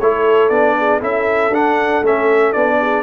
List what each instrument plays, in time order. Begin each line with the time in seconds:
0.00 tuba A3, trombone E4, horn A4, trumpet C#5
0.49 tuba B3, trombone D4, trumpet D5
0.78 horn G#4
1.00 tuba C#4, trombone E4, horn A4, trumpet E5
1.50 tuba D4, trombone D4, trumpet F#5
2.02 tuba A3, trombone C#4, trumpet E5
2.53 tuba B3, trombone D4, trumpet D5
2.80 horn G#4